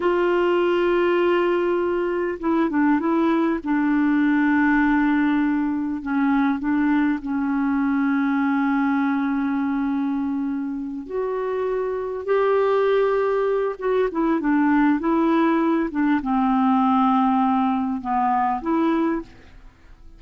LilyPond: \new Staff \with { instrumentName = "clarinet" } { \time 4/4 \tempo 4 = 100 f'1 | e'8 d'8 e'4 d'2~ | d'2 cis'4 d'4 | cis'1~ |
cis'2~ cis'8 fis'4.~ | fis'8 g'2~ g'8 fis'8 e'8 | d'4 e'4. d'8 c'4~ | c'2 b4 e'4 | }